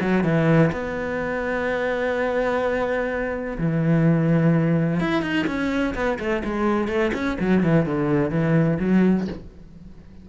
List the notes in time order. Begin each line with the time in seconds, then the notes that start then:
0.00 F#3
0.23 E3
0.72 B3
3.58 E3
5.00 E4
5.22 D#4
5.47 C#4
5.95 B3
6.19 A3
6.44 G#3
6.88 A3
7.13 C#4
7.40 F#3
7.63 E3
7.85 D3
8.30 E3
8.79 F#3